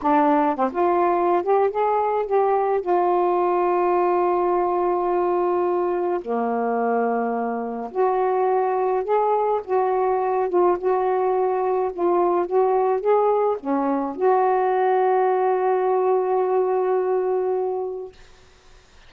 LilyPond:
\new Staff \with { instrumentName = "saxophone" } { \time 4/4 \tempo 4 = 106 d'4 c'16 f'4~ f'16 g'8 gis'4 | g'4 f'2.~ | f'2. ais4~ | ais2 fis'2 |
gis'4 fis'4. f'8 fis'4~ | fis'4 f'4 fis'4 gis'4 | cis'4 fis'2.~ | fis'1 | }